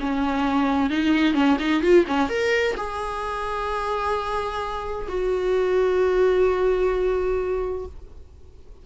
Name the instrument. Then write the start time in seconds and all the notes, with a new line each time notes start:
viola
0.00 C#4
0.90 D#4
1.34 C#4
1.59 D#4
1.82 F4
2.07 C#4
2.30 A#4
2.77 G#4
5.09 F#4